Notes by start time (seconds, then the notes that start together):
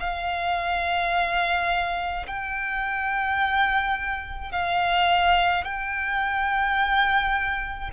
0.00 F5
2.27 G5
4.52 F5
5.64 G5